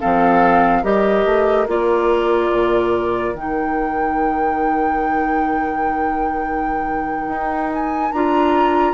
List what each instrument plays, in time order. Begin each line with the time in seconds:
0.00 bassoon F3, clarinet C4, oboe A4, flute F5
0.82 bassoon G3, clarinet G4, oboe A#4, flute D#5
1.25 bassoon A3
1.67 bassoon A#3, clarinet F4, flute D5
2.52 bassoon A#2
3.33 bassoon D#3, clarinet D#4, flute G5
7.28 bassoon D#4
7.73 flute G#5
8.12 bassoon D4, clarinet F4, flute A#5